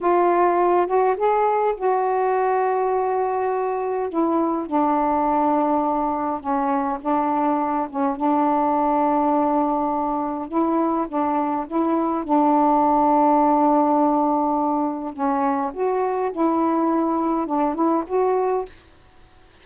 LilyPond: \new Staff \with { instrumentName = "saxophone" } { \time 4/4 \tempo 4 = 103 f'4. fis'8 gis'4 fis'4~ | fis'2. e'4 | d'2. cis'4 | d'4. cis'8 d'2~ |
d'2 e'4 d'4 | e'4 d'2.~ | d'2 cis'4 fis'4 | e'2 d'8 e'8 fis'4 | }